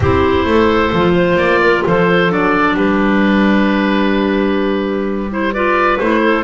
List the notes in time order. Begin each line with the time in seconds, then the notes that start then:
0.00 C4 E4 G4 C5
0.45 A3 A4
0.92 F3 F4
1.14 C5
1.36 A#3 D5
1.62 A#4
1.85 F3 A4 C5
2.29 F#3 D4 D5
2.74 G3 G4 B4
5.30 E4 C5
5.52 F4 B4 D5
5.98 A3 E4 C5
6.23 A4